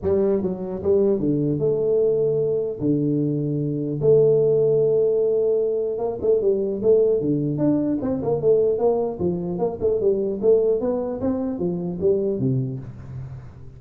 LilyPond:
\new Staff \with { instrumentName = "tuba" } { \time 4/4 \tempo 4 = 150 g4 fis4 g4 d4 | a2. d4~ | d2 a2~ | a2. ais8 a8 |
g4 a4 d4 d'4 | c'8 ais8 a4 ais4 f4 | ais8 a8 g4 a4 b4 | c'4 f4 g4 c4 | }